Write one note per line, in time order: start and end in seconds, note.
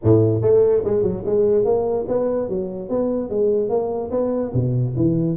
0.03 0.41 A2
0.41 0.82 A3
0.84 1.03 G#3
1.03 1.23 F#3
1.25 1.65 G#3
1.65 2.06 A#3
2.08 2.49 B3
2.49 2.89 F#3
2.89 3.29 B3
3.29 3.69 G#3
3.69 4.10 A#3
4.10 4.51 B3
4.53 4.94 B2
4.96 5.36 E3